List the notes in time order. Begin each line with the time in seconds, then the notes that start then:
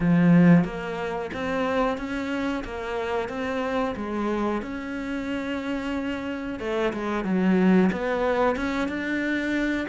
0.00 F3
0.64 A#3
1.33 C4
1.98 C#4
2.64 A#3
3.28 C4
3.96 G#3
4.62 C#4
6.59 A3
6.93 G#3
7.24 F#3
7.92 B3
8.56 C#4
8.88 D4